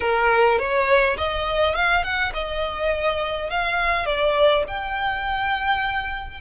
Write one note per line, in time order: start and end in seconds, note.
0.00 0.58 A#4
0.58 1.17 C#5
1.17 1.75 D#5
1.75 2.03 F5
2.03 2.32 F#5
2.33 3.50 D#5
3.50 4.05 F5
4.05 4.63 D5
4.67 6.41 G5